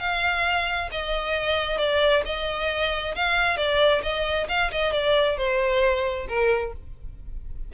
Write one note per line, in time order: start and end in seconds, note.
0.00 0.90 F5
0.91 1.78 D#5
1.78 2.22 D5
2.25 3.15 D#5
3.15 3.57 F5
3.57 4.02 D5
4.03 4.48 D#5
4.49 4.71 F5
4.71 4.93 D#5
4.93 5.37 D5
5.37 6.27 C5
6.28 6.73 A#4